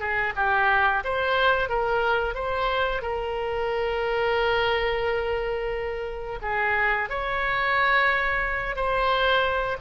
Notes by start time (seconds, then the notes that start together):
0.00 G#4
0.36 G4
1.04 C5
1.69 A#4
2.35 C5
3.02 A#4
6.42 G#4
7.10 C#5
8.76 C5